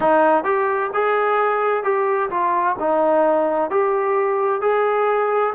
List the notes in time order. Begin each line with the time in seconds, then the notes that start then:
0.00 D#4
0.44 G4
0.93 G#4
1.83 G4
2.30 F4
2.79 D#4
3.70 G4
4.61 G#4